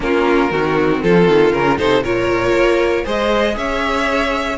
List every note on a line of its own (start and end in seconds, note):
0.00 0.51 A#3
0.00 0.51 C#4
0.00 0.52 F4
0.00 1.02 A#4
0.51 1.02 D#3
0.51 1.52 C4
0.51 1.03 F#4
1.02 1.28 F3
1.02 1.78 F4
1.02 1.52 A4
1.28 1.52 D#3
1.52 1.77 C#3
1.52 1.77 C#4
1.52 1.78 A#4
1.77 2.04 C3
1.77 2.02 D#4
1.77 2.02 A4
1.77 2.03 C5
2.02 2.52 A#2
2.02 3.04 F4
2.02 3.04 A#4
2.02 3.06 C#5
2.52 3.03 A#3
3.04 3.56 G#3
3.04 4.57 G#4
3.04 3.55 C5
3.04 3.57 D#5
3.56 4.58 C#4
3.56 4.58 C#5
3.56 4.58 E5